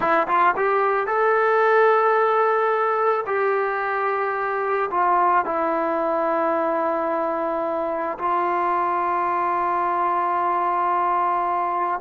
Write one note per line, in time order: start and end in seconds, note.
0.00 0.27 E4
0.27 0.54 F4
0.56 1.06 G4
1.06 3.25 A4
3.26 4.90 G4
4.91 5.45 F4
5.45 8.18 E4
8.18 12.00 F4